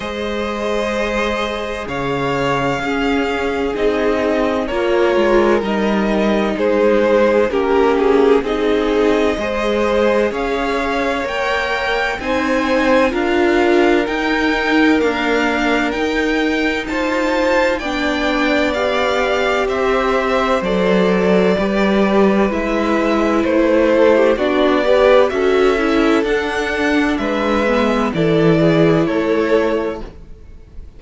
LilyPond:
<<
  \new Staff \with { instrumentName = "violin" } { \time 4/4 \tempo 4 = 64 dis''2 f''2 | dis''4 cis''4 dis''4 c''4 | ais'8 gis'8 dis''2 f''4 | g''4 gis''4 f''4 g''4 |
f''4 g''4 a''4 g''4 | f''4 e''4 d''2 | e''4 c''4 d''4 e''4 | fis''4 e''4 d''4 cis''4 | }
  \new Staff \with { instrumentName = "violin" } { \time 4/4 c''2 cis''4 gis'4~ | gis'4 ais'2 gis'4 | g'4 gis'4 c''4 cis''4~ | cis''4 c''4 ais'2~ |
ais'2 c''4 d''4~ | d''4 c''2 b'4~ | b'4. a'16 g'16 fis'8 b'8 a'4~ | a'4 b'4 a'8 gis'8 a'4 | }
  \new Staff \with { instrumentName = "viola" } { \time 4/4 gis'2. cis'4 | dis'4 f'4 dis'2 | cis'4 dis'4 gis'2 | ais'4 dis'4 f'4 dis'4 |
ais4 dis'2 d'4 | g'2 a'4 g'4 | e'2 d'8 g'8 fis'8 e'8 | d'4. b8 e'2 | }
  \new Staff \with { instrumentName = "cello" } { \time 4/4 gis2 cis4 cis'4 | c'4 ais8 gis8 g4 gis4 | ais4 c'4 gis4 cis'4 | ais4 c'4 d'4 dis'4 |
d'4 dis'4 f'4 b4~ | b4 c'4 fis4 g4 | gis4 a4 b4 cis'4 | d'4 gis4 e4 a4 | }
>>